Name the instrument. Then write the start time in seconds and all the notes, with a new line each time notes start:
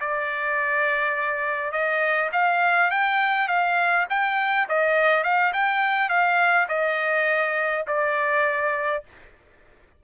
trumpet
0.00 D5
1.72 D#5
2.32 F5
2.90 G5
3.48 F5
4.09 G5
4.68 D#5
5.23 F5
5.53 G5
6.09 F5
6.68 D#5
7.87 D5